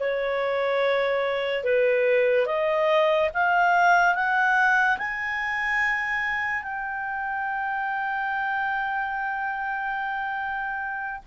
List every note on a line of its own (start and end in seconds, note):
0.00 1.64 C#5
1.64 2.47 B4
2.47 3.30 D#5
3.34 4.15 F5
4.15 4.98 F#5
4.98 6.63 G#5
6.63 11.21 G5